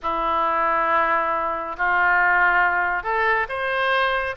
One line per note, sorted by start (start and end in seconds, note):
0.02 1.76 E4
1.77 3.03 F4
3.03 3.46 A4
3.48 4.35 C5